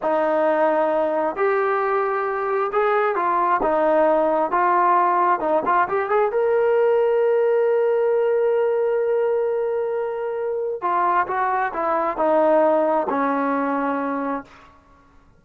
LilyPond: \new Staff \with { instrumentName = "trombone" } { \time 4/4 \tempo 4 = 133 dis'2. g'4~ | g'2 gis'4 f'4 | dis'2 f'2 | dis'8 f'8 g'8 gis'8 ais'2~ |
ais'1~ | ais'1 | f'4 fis'4 e'4 dis'4~ | dis'4 cis'2. | }